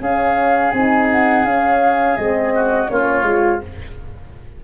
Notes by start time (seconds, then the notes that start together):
0.00 C#4 G#4 F5
0.71 C4 D#4 G#5
1.11 F#5
1.44 C#4 F5
2.16 G#3 C4 D#5
2.55 F#4
2.88 A#3 C#4 F4 C#5
3.23 G#3 F4